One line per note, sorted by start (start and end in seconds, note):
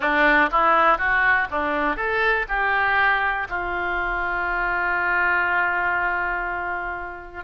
0.00 0.49 D4
0.51 0.97 E4
0.97 1.47 F#4
1.50 1.96 D4
1.96 2.46 A4
2.48 3.47 G4
3.49 7.44 F4